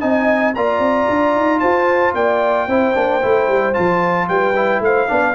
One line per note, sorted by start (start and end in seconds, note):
0.00 0.56 C4
0.00 0.54 D#4
0.00 0.54 D#5
0.00 0.54 G#5
0.55 0.79 A#3
0.55 2.69 F4
0.55 1.61 D5
0.55 1.60 A#5
0.79 1.06 C4
1.09 1.36 D4
1.36 1.63 D#4
1.60 2.14 F4
1.60 2.14 C5
1.60 2.13 A5
2.14 2.68 A#3
2.14 2.67 D5
2.14 3.74 G5
2.67 2.94 C4
2.67 2.94 E4
2.67 4.28 C5
2.94 3.23 A#3
2.94 3.21 D4
3.22 3.48 A3
3.22 3.73 E4
3.48 3.75 G3
3.73 4.29 F3
3.73 4.54 F4
3.73 4.28 A5
4.29 4.80 G3
4.29 4.83 B4
4.29 4.82 G5
4.56 5.08 E4
4.80 5.07 A3
4.80 5.08 C5
4.80 5.35 F5
5.08 5.35 B3
5.08 5.35 D4
5.08 5.35 D5